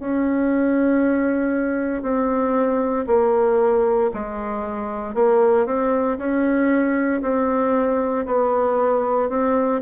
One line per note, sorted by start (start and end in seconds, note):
0.00 2.03 C#4
2.03 3.06 C4
3.07 4.11 A#3
4.14 5.14 G#3
5.14 5.66 A#3
5.66 6.18 C4
6.18 7.21 C#4
7.22 8.26 C4
8.26 9.30 B3
9.30 9.81 C4